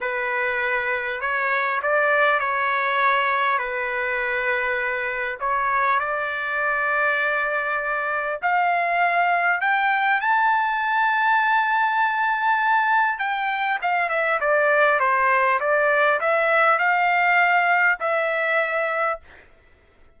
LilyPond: \new Staff \with { instrumentName = "trumpet" } { \time 4/4 \tempo 4 = 100 b'2 cis''4 d''4 | cis''2 b'2~ | b'4 cis''4 d''2~ | d''2 f''2 |
g''4 a''2.~ | a''2 g''4 f''8 e''8 | d''4 c''4 d''4 e''4 | f''2 e''2 | }